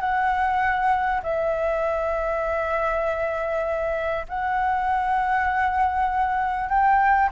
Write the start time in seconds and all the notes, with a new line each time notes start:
0.00 F#5
1.23 E5
4.28 F#5
6.69 G5